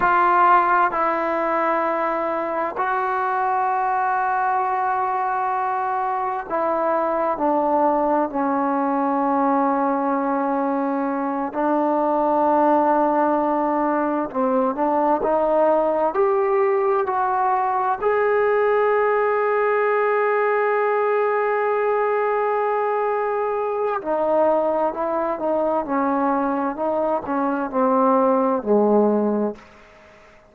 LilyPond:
\new Staff \with { instrumentName = "trombone" } { \time 4/4 \tempo 4 = 65 f'4 e'2 fis'4~ | fis'2. e'4 | d'4 cis'2.~ | cis'8 d'2. c'8 |
d'8 dis'4 g'4 fis'4 gis'8~ | gis'1~ | gis'2 dis'4 e'8 dis'8 | cis'4 dis'8 cis'8 c'4 gis4 | }